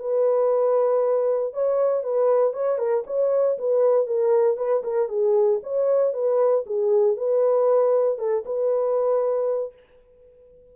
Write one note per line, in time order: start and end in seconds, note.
0.00 1.54 B4
1.54 2.04 C#5
2.04 2.54 B4
2.54 2.79 C#5
2.79 3.04 A#4
3.07 3.59 C#5
3.59 4.07 B4
4.07 4.57 A#4
4.57 4.83 B4
4.84 5.09 A#4
5.09 5.61 G#4
5.64 6.14 C#5
6.14 6.65 B4
6.67 7.17 G#4
7.17 8.19 B4
8.19 8.44 A4
8.46 9.74 B4